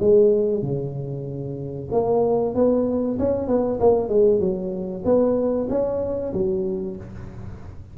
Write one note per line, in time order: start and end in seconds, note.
0.00 0.62 G#3
0.62 1.89 C#3
1.91 2.55 A#3
2.55 3.18 B3
3.19 3.48 C#4
3.48 3.79 B3
3.80 4.09 A#3
4.09 4.40 G#3
4.40 5.03 F#3
5.04 5.68 B3
5.69 6.32 C#4
6.33 6.96 F#3